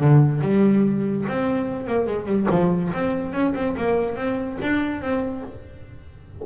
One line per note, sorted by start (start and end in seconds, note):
0.00 0.42 D3
0.42 1.25 G3
1.28 1.87 C4
1.87 2.07 A#3
2.07 2.26 G#3
2.26 2.47 G3
2.50 2.92 F3
2.94 3.33 C4
3.33 3.54 C#4
3.55 3.76 C4
3.77 4.16 A#3
4.16 4.58 C4
4.62 5.02 D4
5.02 5.44 C4